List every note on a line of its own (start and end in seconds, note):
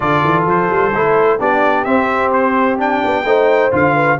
0.00 0.24 D3
0.00 0.92 F4
0.00 1.39 A4
0.00 0.44 D5
0.24 0.45 E3
0.45 0.69 F3
0.45 1.40 C5
0.69 0.92 G3
0.94 1.40 A3
0.94 1.39 E4
1.39 1.86 B3
1.39 1.85 D4
1.39 3.25 G4
1.39 1.84 D5
1.84 2.78 C4
1.84 3.02 C4
1.84 2.31 E5
2.32 2.78 C5
2.78 3.24 D4
2.78 3.73 G5
3.04 3.25 B3
3.25 3.71 A3
3.25 3.71 D#4
3.25 3.94 C5
3.71 4.18 D3
3.71 4.17 F4
3.71 4.19 F5
3.94 4.17 B4